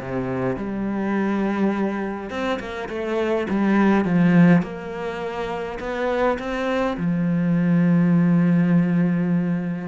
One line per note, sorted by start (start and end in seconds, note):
0.00 0.56 C3
0.56 2.30 G3
2.30 2.59 C4
2.59 2.89 A#3
2.89 3.47 A3
3.50 4.05 G3
4.05 4.62 F3
4.62 5.79 A#3
5.80 6.38 B3
6.39 6.97 C4
6.97 9.88 F3